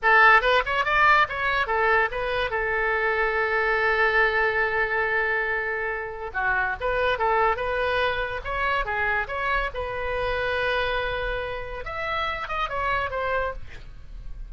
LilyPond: \new Staff \with { instrumentName = "oboe" } { \time 4/4 \tempo 4 = 142 a'4 b'8 cis''8 d''4 cis''4 | a'4 b'4 a'2~ | a'1~ | a'2. fis'4 |
b'4 a'4 b'2 | cis''4 gis'4 cis''4 b'4~ | b'1 | e''4. dis''8 cis''4 c''4 | }